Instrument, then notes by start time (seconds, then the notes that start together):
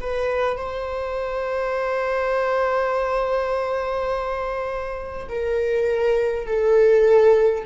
viola
0.00 B4
0.57 C5
5.28 A#4
6.46 A4